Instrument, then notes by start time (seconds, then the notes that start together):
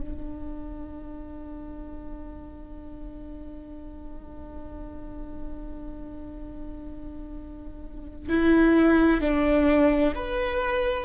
viola
0.00 D4
8.29 E4
9.21 D4
10.15 B4